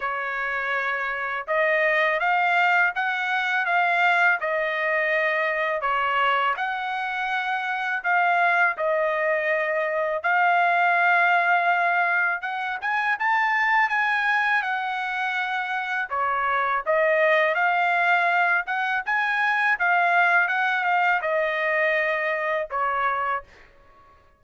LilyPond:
\new Staff \with { instrumentName = "trumpet" } { \time 4/4 \tempo 4 = 82 cis''2 dis''4 f''4 | fis''4 f''4 dis''2 | cis''4 fis''2 f''4 | dis''2 f''2~ |
f''4 fis''8 gis''8 a''4 gis''4 | fis''2 cis''4 dis''4 | f''4. fis''8 gis''4 f''4 | fis''8 f''8 dis''2 cis''4 | }